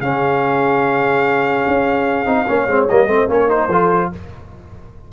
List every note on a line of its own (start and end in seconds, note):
0.00 1.63 C#3
0.00 2.25 C#4
0.00 2.47 G#4
0.00 2.86 F5
1.67 2.25 C#4
2.25 2.45 C4
2.25 2.46 D#4
2.47 2.66 A#3
2.47 2.67 C#4
2.47 3.08 C#5
2.66 2.87 G#3
2.66 2.88 C4
2.87 3.07 G3
2.87 3.07 A#3
2.87 3.28 D#5
3.07 3.27 A3
3.07 3.28 C4
3.07 3.29 C5
3.28 3.68 A#3
3.28 3.48 C#4
3.28 3.69 A#4
3.28 3.50 C#5
3.48 3.68 D#4
3.48 4.11 C5
3.68 4.09 F3
3.68 4.12 F4
3.68 4.10 A4